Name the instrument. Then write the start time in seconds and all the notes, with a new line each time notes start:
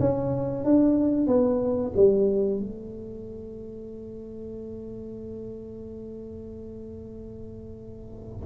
tuba
0.00 C#4
0.65 D4
1.27 B3
1.97 G3
2.60 A3